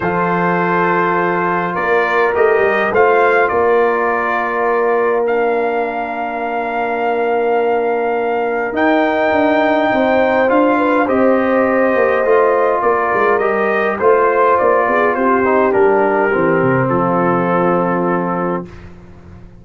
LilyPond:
<<
  \new Staff \with { instrumentName = "trumpet" } { \time 4/4 \tempo 4 = 103 c''2. d''4 | dis''4 f''4 d''2~ | d''4 f''2.~ | f''2. g''4~ |
g''2 f''4 dis''4~ | dis''2 d''4 dis''4 | c''4 d''4 c''4 ais'4~ | ais'4 a'2. | }
  \new Staff \with { instrumentName = "horn" } { \time 4/4 a'2. ais'4~ | ais'4 c''4 ais'2~ | ais'1~ | ais'1~ |
ais'4 c''4. b'8 c''4~ | c''2 ais'2 | c''4. gis'8 g'2~ | g'4 f'2. | }
  \new Staff \with { instrumentName = "trombone" } { \time 4/4 f'1 | g'4 f'2.~ | f'4 d'2.~ | d'2. dis'4~ |
dis'2 f'4 g'4~ | g'4 f'2 g'4 | f'2~ f'8 dis'8 d'4 | c'1 | }
  \new Staff \with { instrumentName = "tuba" } { \time 4/4 f2. ais4 | a8 g8 a4 ais2~ | ais1~ | ais2. dis'4 |
d'4 c'4 d'4 c'4~ | c'8 ais8 a4 ais8 gis8 g4 | a4 ais8 b8 c'4 g4 | e8 c8 f2. | }
>>